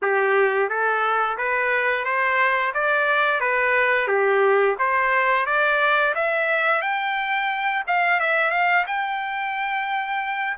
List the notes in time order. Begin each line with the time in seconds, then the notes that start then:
0.02 G4
0.68 A4
1.37 B4
2.05 C5
2.74 D5
3.40 B4
4.07 G4
4.79 C5
5.45 D5
6.14 E5
6.81 G5
7.87 F5
8.19 E5
8.50 F5
8.86 G5